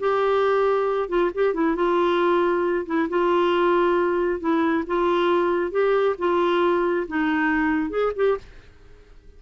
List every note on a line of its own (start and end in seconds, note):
0.00 1.09 G4
1.09 1.31 F4
1.35 1.54 G4
1.54 1.76 E4
1.76 2.86 F4
2.87 3.09 E4
3.10 4.41 F4
4.41 4.84 E4
4.87 5.72 F4
5.72 6.16 G4
6.19 7.07 F4
7.08 7.91 D#4
7.91 8.13 G#4
8.16 8.38 G4